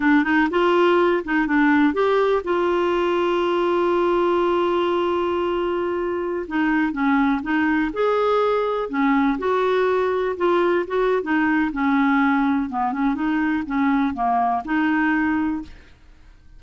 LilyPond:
\new Staff \with { instrumentName = "clarinet" } { \time 4/4 \tempo 4 = 123 d'8 dis'8 f'4. dis'8 d'4 | g'4 f'2.~ | f'1~ | f'4~ f'16 dis'4 cis'4 dis'8.~ |
dis'16 gis'2 cis'4 fis'8.~ | fis'4~ fis'16 f'4 fis'8. dis'4 | cis'2 b8 cis'8 dis'4 | cis'4 ais4 dis'2 | }